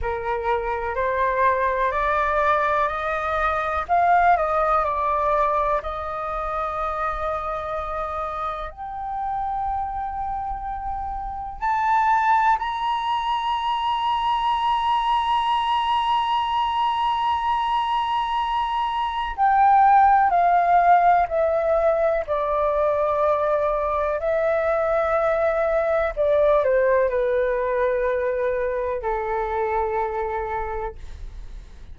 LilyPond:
\new Staff \with { instrumentName = "flute" } { \time 4/4 \tempo 4 = 62 ais'4 c''4 d''4 dis''4 | f''8 dis''8 d''4 dis''2~ | dis''4 g''2. | a''4 ais''2.~ |
ais''1 | g''4 f''4 e''4 d''4~ | d''4 e''2 d''8 c''8 | b'2 a'2 | }